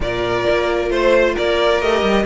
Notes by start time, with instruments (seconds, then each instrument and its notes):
0.00 cello A#2, viola F4, violin A#4 D5
0.49 cello A#3
0.89 cello A3, violin C5
1.34 cello A#3, violin A#4 D5
1.81 cello A3, viola G4, violin D#5
2.02 cello G3